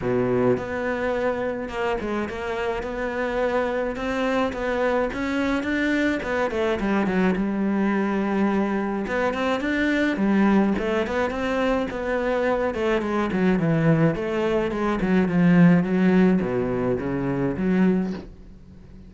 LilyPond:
\new Staff \with { instrumentName = "cello" } { \time 4/4 \tempo 4 = 106 b,4 b2 ais8 gis8 | ais4 b2 c'4 | b4 cis'4 d'4 b8 a8 | g8 fis8 g2. |
b8 c'8 d'4 g4 a8 b8 | c'4 b4. a8 gis8 fis8 | e4 a4 gis8 fis8 f4 | fis4 b,4 cis4 fis4 | }